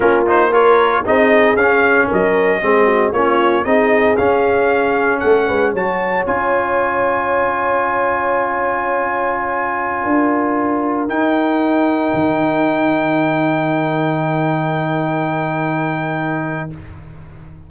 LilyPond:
<<
  \new Staff \with { instrumentName = "trumpet" } { \time 4/4 \tempo 4 = 115 ais'8 c''8 cis''4 dis''4 f''4 | dis''2 cis''4 dis''4 | f''2 fis''4 a''4 | gis''1~ |
gis''1~ | gis''4~ gis''16 g''2~ g''8.~ | g''1~ | g''1 | }
  \new Staff \with { instrumentName = "horn" } { \time 4/4 f'4 ais'4 gis'2 | ais'4 gis'8 fis'8 f'4 gis'4~ | gis'2 a'8 b'8 cis''4~ | cis''1~ |
cis''2.~ cis''16 ais'8.~ | ais'1~ | ais'1~ | ais'1 | }
  \new Staff \with { instrumentName = "trombone" } { \time 4/4 cis'8 dis'8 f'4 dis'4 cis'4~ | cis'4 c'4 cis'4 dis'4 | cis'2. fis'4 | f'1~ |
f'1~ | f'4~ f'16 dis'2~ dis'8.~ | dis'1~ | dis'1 | }
  \new Staff \with { instrumentName = "tuba" } { \time 4/4 ais2 c'4 cis'4 | fis4 gis4 ais4 c'4 | cis'2 a8 gis8 fis4 | cis'1~ |
cis'2.~ cis'16 d'8.~ | d'4~ d'16 dis'2 dis8.~ | dis1~ | dis1 | }
>>